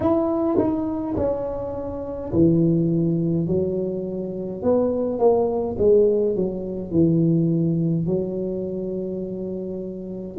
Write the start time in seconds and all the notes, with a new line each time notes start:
0.00 E4
0.58 D#4
1.16 C#4
2.32 E3
3.47 F#3
4.62 B3
5.18 A#3
5.78 G#3
6.35 F#3
6.91 E3
8.06 F#3